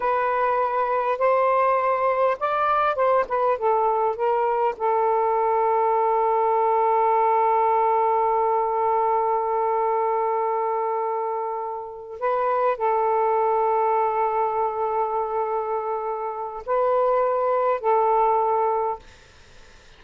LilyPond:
\new Staff \with { instrumentName = "saxophone" } { \time 4/4 \tempo 4 = 101 b'2 c''2 | d''4 c''8 b'8 a'4 ais'4 | a'1~ | a'1~ |
a'1~ | a'8 b'4 a'2~ a'8~ | a'1 | b'2 a'2 | }